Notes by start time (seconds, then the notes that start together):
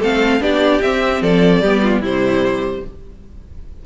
0.00 A3 C4 A4 F5
0.41 B3 D4 G4 D5
0.82 C4 E5
1.21 F3 A4 D5
1.61 G3 B3 G4
1.83 F4
2.01 C3 G3 E4 C5